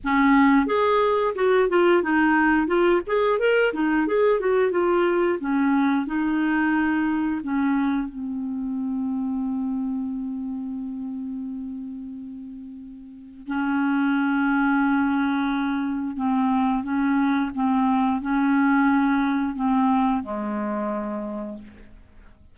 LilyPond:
\new Staff \with { instrumentName = "clarinet" } { \time 4/4 \tempo 4 = 89 cis'4 gis'4 fis'8 f'8 dis'4 | f'8 gis'8 ais'8 dis'8 gis'8 fis'8 f'4 | cis'4 dis'2 cis'4 | c'1~ |
c'1 | cis'1 | c'4 cis'4 c'4 cis'4~ | cis'4 c'4 gis2 | }